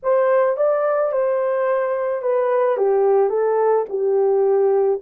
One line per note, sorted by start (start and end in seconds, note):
0.03 0.56 C5
0.56 1.12 D5
1.12 2.22 C5
2.22 2.77 B4
2.77 3.29 G4
3.29 3.85 A4
3.89 5.00 G4